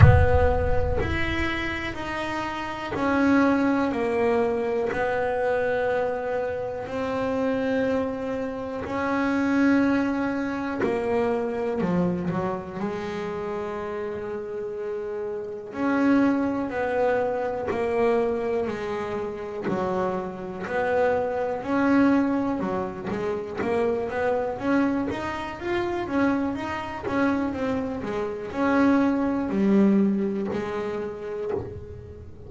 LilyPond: \new Staff \with { instrumentName = "double bass" } { \time 4/4 \tempo 4 = 61 b4 e'4 dis'4 cis'4 | ais4 b2 c'4~ | c'4 cis'2 ais4 | f8 fis8 gis2. |
cis'4 b4 ais4 gis4 | fis4 b4 cis'4 fis8 gis8 | ais8 b8 cis'8 dis'8 f'8 cis'8 dis'8 cis'8 | c'8 gis8 cis'4 g4 gis4 | }